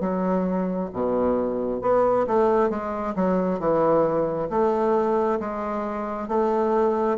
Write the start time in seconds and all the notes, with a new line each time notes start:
0.00 F#3
0.93 B2
1.81 B3
2.27 A3
2.69 G#3
3.15 F#3
3.59 E3
4.49 A3
5.40 G#3
6.28 A3